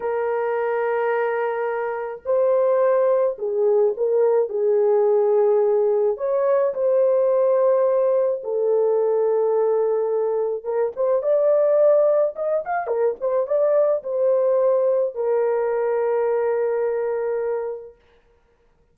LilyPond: \new Staff \with { instrumentName = "horn" } { \time 4/4 \tempo 4 = 107 ais'1 | c''2 gis'4 ais'4 | gis'2. cis''4 | c''2. a'4~ |
a'2. ais'8 c''8 | d''2 dis''8 f''8 ais'8 c''8 | d''4 c''2 ais'4~ | ais'1 | }